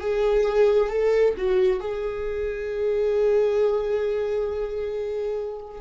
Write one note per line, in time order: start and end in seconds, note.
0.00 0.89 G#4
0.89 1.34 A4
1.37 1.80 F#4
1.80 5.81 G#4